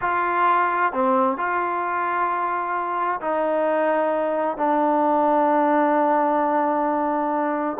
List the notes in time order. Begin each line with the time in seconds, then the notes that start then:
0.01 F4
0.92 C4
1.37 F4
3.21 D#4
4.57 D4